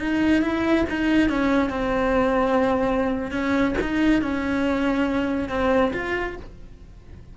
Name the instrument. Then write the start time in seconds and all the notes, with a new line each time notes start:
cello
0.00 D#4
0.42 E4
0.90 D#4
1.30 C#4
1.70 C4
3.32 C#4
3.82 D#4
4.22 C#4
5.49 C4
5.94 F4